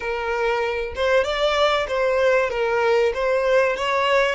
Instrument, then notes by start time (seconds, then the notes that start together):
violin
0.00 A#4
0.95 C5
1.24 D5
1.88 C5
2.50 A#4
3.13 C5
3.76 C#5